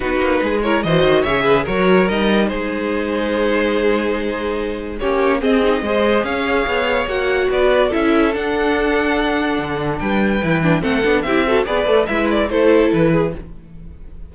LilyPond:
<<
  \new Staff \with { instrumentName = "violin" } { \time 4/4 \tempo 4 = 144 b'4. cis''8 dis''4 e''4 | cis''4 dis''4 c''2~ | c''1 | cis''4 dis''2 f''4~ |
f''4 fis''4 d''4 e''4 | fis''1 | g''2 fis''4 e''4 | d''4 e''8 d''8 c''4 b'4 | }
  \new Staff \with { instrumentName = "violin" } { \time 4/4 fis'4 gis'8 ais'8 c''4 cis''8 b'8 | ais'2 gis'2~ | gis'1 | g'4 gis'4 c''4 cis''4~ |
cis''2 b'4 a'4~ | a'1 | b'2 a'4 g'8 a'8 | b'4 e'4 a'4. gis'8 | }
  \new Staff \with { instrumentName = "viola" } { \time 4/4 dis'4. e'8 fis'4 gis'4 | fis'4 dis'2.~ | dis'1 | cis'4 c'8 dis'8 gis'2~ |
gis'4 fis'2 e'4 | d'1~ | d'4 e'8 d'8 c'8 d'8 e'8 fis'8 | gis'8 a'8 b'4 e'2 | }
  \new Staff \with { instrumentName = "cello" } { \time 4/4 b8 ais8 gis4 e8 dis8 cis4 | fis4 g4 gis2~ | gis1 | ais4 c'4 gis4 cis'4 |
b4 ais4 b4 cis'4 | d'2. d4 | g4 e4 a8 b8 c'4 | b8 a8 gis4 a4 e4 | }
>>